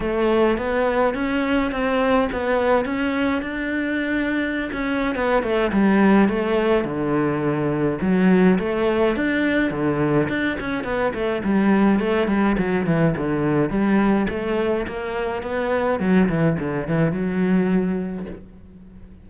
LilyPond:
\new Staff \with { instrumentName = "cello" } { \time 4/4 \tempo 4 = 105 a4 b4 cis'4 c'4 | b4 cis'4 d'2~ | d'16 cis'8. b8 a8 g4 a4 | d2 fis4 a4 |
d'4 d4 d'8 cis'8 b8 a8 | g4 a8 g8 fis8 e8 d4 | g4 a4 ais4 b4 | fis8 e8 d8 e8 fis2 | }